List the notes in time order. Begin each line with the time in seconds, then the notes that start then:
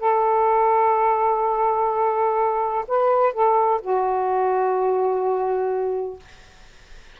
0.00 A4
2.88 B4
3.34 A4
3.82 F#4